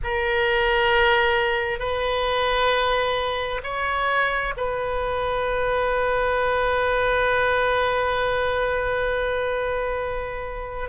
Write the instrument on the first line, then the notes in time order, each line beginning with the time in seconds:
oboe
0.03 A#4
1.79 B4
3.63 C#5
4.56 B4